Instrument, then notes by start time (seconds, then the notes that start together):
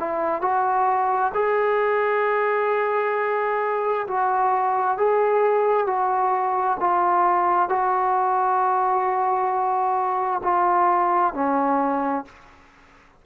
trombone
0.00 E4
0.42 F#4
1.34 G#4
4.07 F#4
4.98 G#4
5.87 F#4
6.80 F4
7.69 F#4
10.43 F4
11.34 C#4